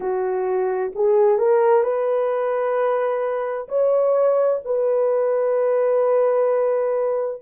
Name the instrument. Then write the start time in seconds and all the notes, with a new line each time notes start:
horn
0.00 F#4
0.95 G#4
1.38 A#4
1.83 B4
3.68 C#5
4.64 B4